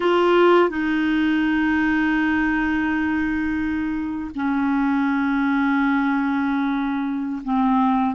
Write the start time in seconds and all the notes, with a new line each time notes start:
0.00 F4
0.69 D#4
4.35 C#4
7.44 C4